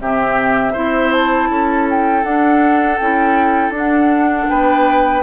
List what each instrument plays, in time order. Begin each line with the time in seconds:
0.00 bassoon C3, clarinet C4, oboe G4, flute E5
0.73 bassoon C4, clarinet E4, oboe C5
1.12 flute A5
1.49 bassoon C#4, oboe A4
1.90 flute G5
2.24 bassoon D4, clarinet D4, flute F#5
2.98 bassoon C#4, clarinet E4, flute G5
3.70 bassoon D4, clarinet D4
3.78 flute F#5
4.50 bassoon B3, oboe B4, flute G5